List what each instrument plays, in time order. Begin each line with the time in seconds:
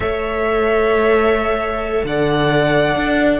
0.00 cello A3, viola A4, violin C#5 E5
2.04 cello D3, violin D5 F#5
2.95 cello D4